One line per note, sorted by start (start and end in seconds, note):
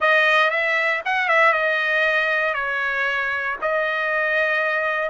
0.00 0.50 D#5
0.50 1.01 E5
1.05 1.28 F#5
1.28 1.52 E5
1.52 2.54 D#5
2.54 3.56 C#5
3.61 5.09 D#5